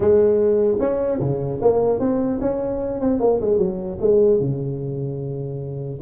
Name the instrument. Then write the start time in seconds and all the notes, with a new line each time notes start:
tuba
0.00 G#3
0.79 C#4
1.20 C#3
1.61 A#3
1.99 C4
2.41 C#4
3.00 C4
3.20 A#3
3.41 G#3
3.58 F#3
4.00 G#3
4.40 C#3